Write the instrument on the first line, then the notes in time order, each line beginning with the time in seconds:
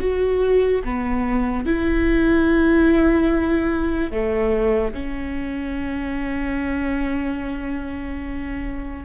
viola
0.00 F#4
0.84 B3
1.66 E4
4.11 A3
4.94 C#4